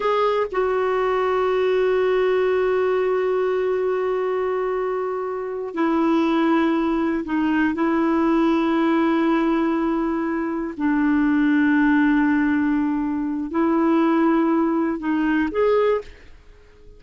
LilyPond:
\new Staff \with { instrumentName = "clarinet" } { \time 4/4 \tempo 4 = 120 gis'4 fis'2.~ | fis'1~ | fis'2.~ fis'8 e'8~ | e'2~ e'8 dis'4 e'8~ |
e'1~ | e'4. d'2~ d'8~ | d'2. e'4~ | e'2 dis'4 gis'4 | }